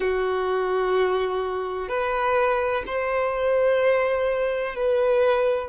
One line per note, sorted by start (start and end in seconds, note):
0.00 1.88 F#4
1.88 2.83 B4
2.86 4.75 C5
4.75 5.69 B4